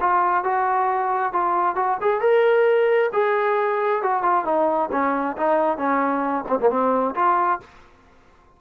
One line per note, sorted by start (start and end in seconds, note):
0.00 0.44 F4
0.44 1.32 F#4
1.32 1.75 F4
1.75 1.98 F#4
2.01 2.20 G#4
2.20 3.10 A#4
3.12 4.02 G#4
4.02 4.22 F#4
4.22 4.45 F4
4.45 4.89 D#4
4.91 5.36 C#4
5.36 5.77 D#4
5.77 6.44 C#4
6.48 6.59 C4
6.59 6.70 A#3
6.70 7.14 C4
7.15 7.60 F4